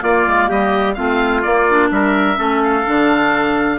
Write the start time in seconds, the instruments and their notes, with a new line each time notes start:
0.00 clarinet A#3, bassoon A#3, trumpet F4, oboe D5
0.27 bassoon G#3
0.49 bassoon G3, trumpet G4, oboe D#5
0.94 bassoon A3, clarinet C4, trumpet F4, oboe F5
1.42 clarinet A#3, bassoon A#3, oboe D5
1.69 clarinet D4
1.90 bassoon G3, trumpet A#4, oboe E5
2.36 bassoon A3, clarinet C#4, trumpet A4
2.62 oboe F5
2.86 bassoon D3, clarinet D4